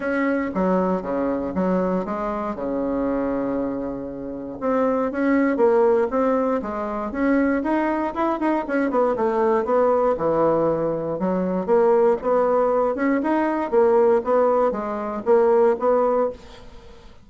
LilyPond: \new Staff \with { instrumentName = "bassoon" } { \time 4/4 \tempo 4 = 118 cis'4 fis4 cis4 fis4 | gis4 cis2.~ | cis4 c'4 cis'4 ais4 | c'4 gis4 cis'4 dis'4 |
e'8 dis'8 cis'8 b8 a4 b4 | e2 fis4 ais4 | b4. cis'8 dis'4 ais4 | b4 gis4 ais4 b4 | }